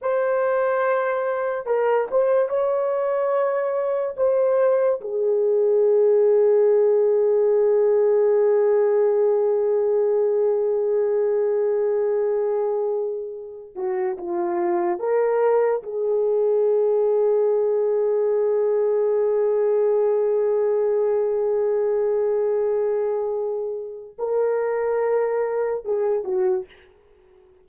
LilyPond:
\new Staff \with { instrumentName = "horn" } { \time 4/4 \tempo 4 = 72 c''2 ais'8 c''8 cis''4~ | cis''4 c''4 gis'2~ | gis'1~ | gis'1~ |
gis'8 fis'8 f'4 ais'4 gis'4~ | gis'1~ | gis'1~ | gis'4 ais'2 gis'8 fis'8 | }